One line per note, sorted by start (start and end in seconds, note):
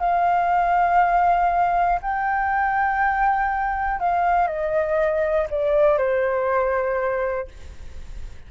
0.00 2.00 F5
2.02 4.00 G5
4.00 4.48 F5
4.48 5.48 D#5
5.50 5.98 D5
5.98 7.48 C5